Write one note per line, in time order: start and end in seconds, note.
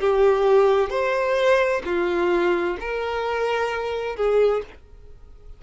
0.00 0.90 G4
0.90 1.82 C5
1.85 2.77 F4
2.80 4.16 A#4
4.16 4.62 G#4